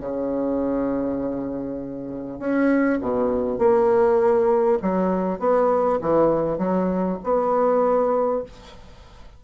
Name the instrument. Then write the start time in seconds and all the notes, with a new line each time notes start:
bassoon
0.00 C#3
2.39 C#4
3.01 B2
3.59 A#3
4.82 F#3
5.39 B3
6.02 E3
6.58 F#3
7.24 B3